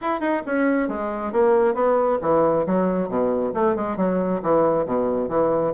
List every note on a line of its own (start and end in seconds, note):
0.01 0.20 E4
0.20 0.42 D#4
0.46 0.88 C#4
0.88 1.32 G#3
1.32 1.74 A#3
1.74 2.18 B3
2.21 2.65 E3
2.66 3.08 F#3
3.08 3.52 B2
3.54 3.75 A3
3.75 3.97 G#3
3.97 4.41 F#3
4.42 4.85 E3
4.85 5.29 B2
5.29 5.73 E3